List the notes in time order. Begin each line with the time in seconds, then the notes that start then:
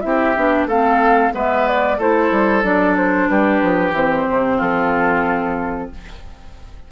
0.00 C4 E4 E5
0.06 G4
0.36 B3 D4
0.66 A3 C4 A4 F5
1.32 G#3 B3 B4 E5
1.67 D5
1.98 A3 E4 A4 C5
2.31 G3
2.63 F#3 D4 D5
2.97 C5
3.29 G3 G4 B4
3.62 F3
3.91 E3 C4 C5
4.29 C3
4.57 F3 F4 A4